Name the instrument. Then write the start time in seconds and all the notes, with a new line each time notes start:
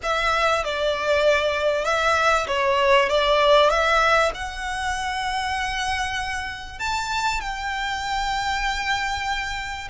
violin
0.03 E5
0.64 D5
1.84 E5
2.47 C#5
3.09 D5
3.69 E5
4.34 F#5
6.79 A5
7.41 G5